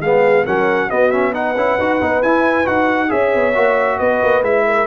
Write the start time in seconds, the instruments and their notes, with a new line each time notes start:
0.00 tuba G#3, trombone B3, horn G#4, trumpet F5
0.44 tuba F#3, trombone C#4, horn A#4, trumpet F#5
0.89 trombone B3, tuba B3, horn F#4, trumpet D#5
1.11 trombone C#4, trumpet E5
1.33 trombone D#4, horn B4, trumpet F#5
1.56 tuba C#4, trombone E4
1.78 tuba D#4, trombone F#4
2.01 tuba B3, trombone D#4
2.22 tuba E4, trombone E4, trumpet G#5
2.64 tuba D#4, trombone F#4, trumpet F#5
3.08 tuba C#4, trombone G#4, horn C#5, trumpet E5
3.34 tuba B3
3.55 tuba A#3, trombone F#4
3.98 tuba B3, horn B4, trumpet D#5
4.22 tuba A#3
4.42 tuba G#3, trombone E4, trumpet E5
4.66 horn A#4